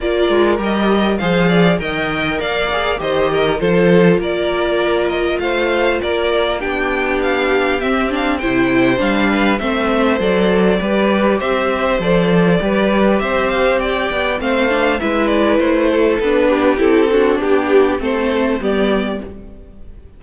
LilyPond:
<<
  \new Staff \with { instrumentName = "violin" } { \time 4/4 \tempo 4 = 100 d''4 dis''4 f''4 g''4 | f''4 dis''4 c''4 d''4~ | d''8 dis''8 f''4 d''4 g''4 | f''4 e''8 f''8 g''4 f''4 |
e''4 d''2 e''4 | d''2 e''8 f''8 g''4 | f''4 e''8 d''8 c''4 b'4 | a'4 g'4 c''4 d''4 | }
  \new Staff \with { instrumentName = "violin" } { \time 4/4 ais'2 c''8 d''8 dis''4 | d''4 c''8 ais'8 a'4 ais'4~ | ais'4 c''4 ais'4 g'4~ | g'2 c''4. b'8 |
c''2 b'4 c''4~ | c''4 b'4 c''4 d''4 | c''4 b'4. a'4 g'8~ | g'8 fis'8 g'4 a'4 g'4 | }
  \new Staff \with { instrumentName = "viola" } { \time 4/4 f'4 g'4 gis'4 ais'4~ | ais'8 gis'8 g'4 f'2~ | f'2. d'4~ | d'4 c'8 d'8 e'4 d'4 |
c'4 a'4 g'2 | a'4 g'2. | c'8 d'8 e'2 d'4 | e'8 d'4. c'4 b4 | }
  \new Staff \with { instrumentName = "cello" } { \time 4/4 ais8 gis8 g4 f4 dis4 | ais4 dis4 f4 ais4~ | ais4 a4 ais4 b4~ | b4 c'4 c4 g4 |
a4 fis4 g4 c'4 | f4 g4 c'4. b8 | a4 gis4 a4 b4 | c'4 b4 a4 g4 | }
>>